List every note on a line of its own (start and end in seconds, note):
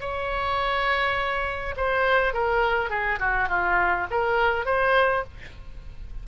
0.00 1.75 C#5
1.76 2.33 C5
2.33 2.89 A#4
2.89 3.19 G#4
3.19 3.48 F#4
3.48 4.06 F4
4.10 4.65 A#4
4.65 5.23 C5